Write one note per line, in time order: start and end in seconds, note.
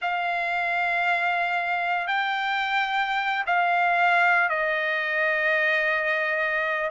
0.01 2.07 F5
2.07 3.45 G5
3.46 4.49 F5
4.49 6.90 D#5